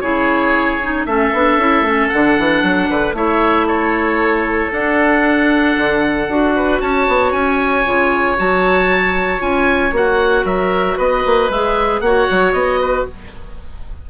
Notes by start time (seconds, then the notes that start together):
0.00 C#3 E4 G#4 C#5
0.82 D#4
1.06 A3 C#4 A4 E5
1.32 B3 D4
1.57 C#4 E4
1.81 A3 C#4
2.08 D3 D4 F#5
2.38 E3
2.62 F#3
2.89 D3 B4
3.13 A3 E4 C#5 E5
3.66 A4 C#5
4.71 D4 F#5
5.77 D3
6.28 D4 F#4
6.56 B4
6.80 C#4 C#5 A5
7.08 B3
7.32 C#4 G#5
7.85 C#3 F4
8.36 F#3 F#4 A5
9.38 C#4 F4 G#5
9.92 A#3 F#4 F#5
10.44 F#3 A#4 E5
10.96 B3 B4 D#5
11.26 A#3
11.49 G#3 G#4 E5
12.00 A#3 F#4 C#5 F#5
12.30 F#3
12.52 B3 D#5
12.80 B4